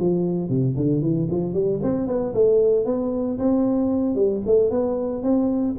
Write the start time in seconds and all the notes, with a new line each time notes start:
0.00 F3
0.50 C3
0.77 D3
1.02 E3
1.31 F3
1.54 G3
1.83 C4
2.07 B3
2.34 A3
2.86 B3
3.39 C4
4.16 G3
4.46 A3
4.71 B3
5.23 C4